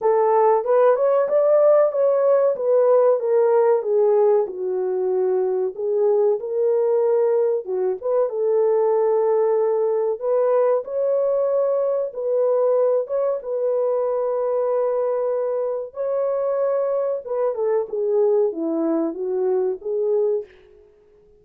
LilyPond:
\new Staff \with { instrumentName = "horn" } { \time 4/4 \tempo 4 = 94 a'4 b'8 cis''8 d''4 cis''4 | b'4 ais'4 gis'4 fis'4~ | fis'4 gis'4 ais'2 | fis'8 b'8 a'2. |
b'4 cis''2 b'4~ | b'8 cis''8 b'2.~ | b'4 cis''2 b'8 a'8 | gis'4 e'4 fis'4 gis'4 | }